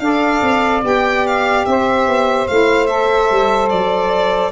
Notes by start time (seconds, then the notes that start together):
0.00 D4 A4 D5 F5
0.42 C4
0.82 B3 G4 G5
1.27 F5
1.66 C4 C5 E5
2.07 B3
2.48 A3 E4 F5
2.87 A4 E5
3.31 G3
3.70 F#3 D5